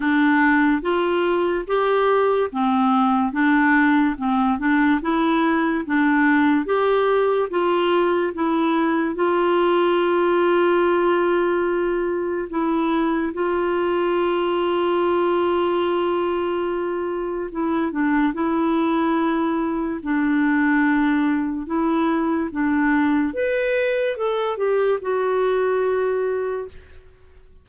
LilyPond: \new Staff \with { instrumentName = "clarinet" } { \time 4/4 \tempo 4 = 72 d'4 f'4 g'4 c'4 | d'4 c'8 d'8 e'4 d'4 | g'4 f'4 e'4 f'4~ | f'2. e'4 |
f'1~ | f'4 e'8 d'8 e'2 | d'2 e'4 d'4 | b'4 a'8 g'8 fis'2 | }